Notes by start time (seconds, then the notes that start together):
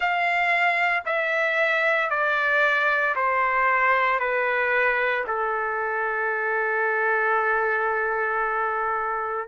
0.00 F5
1.05 E5
2.10 D5
3.15 C5
4.19 B4
5.27 A4